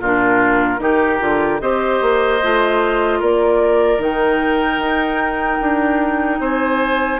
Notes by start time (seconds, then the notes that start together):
0.00 A#2 D4 F4 A#4
0.78 D#3 D#4 G4
1.19 D3 F4
1.60 C4 G4 C5 D#5
2.01 A#3
2.42 A3 F4
3.19 A#3 A#4 D5
3.98 D#3 D#4 G5
4.78 D#4
5.61 D4
6.39 C4 C5 G#5